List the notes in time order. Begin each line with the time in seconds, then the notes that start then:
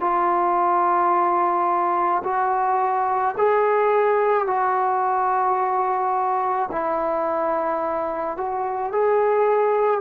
0.00 F4
2.24 F#4
3.37 G#4
4.47 F#4
6.72 E4
8.37 F#4
8.92 G#4